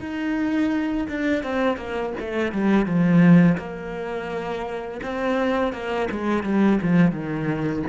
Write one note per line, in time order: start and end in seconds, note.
0.00 1.07 D#4
1.09 1.43 D4
1.43 1.77 C4
1.77 2.12 A#3
2.19 2.52 A3
2.52 2.85 G3
2.85 3.57 F3
3.57 5.00 A#3
5.03 5.73 C4
5.73 6.08 A#3
6.11 6.43 G#3
6.43 6.79 G3
6.82 7.11 F3
7.11 7.82 D#3